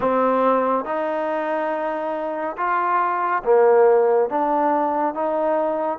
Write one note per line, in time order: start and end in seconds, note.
0.00 0.85 C4
0.85 2.56 D#4
2.57 3.42 F4
3.44 4.29 A#3
4.29 5.14 D4
5.14 5.98 D#4